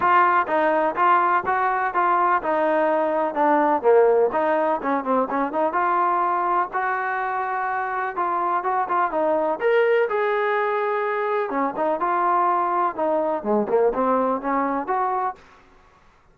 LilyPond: \new Staff \with { instrumentName = "trombone" } { \time 4/4 \tempo 4 = 125 f'4 dis'4 f'4 fis'4 | f'4 dis'2 d'4 | ais4 dis'4 cis'8 c'8 cis'8 dis'8 | f'2 fis'2~ |
fis'4 f'4 fis'8 f'8 dis'4 | ais'4 gis'2. | cis'8 dis'8 f'2 dis'4 | gis8 ais8 c'4 cis'4 fis'4 | }